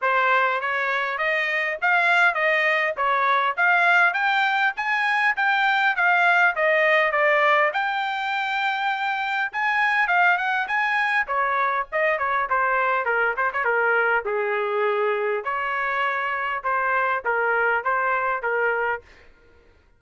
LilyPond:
\new Staff \with { instrumentName = "trumpet" } { \time 4/4 \tempo 4 = 101 c''4 cis''4 dis''4 f''4 | dis''4 cis''4 f''4 g''4 | gis''4 g''4 f''4 dis''4 | d''4 g''2. |
gis''4 f''8 fis''8 gis''4 cis''4 | dis''8 cis''8 c''4 ais'8 c''16 cis''16 ais'4 | gis'2 cis''2 | c''4 ais'4 c''4 ais'4 | }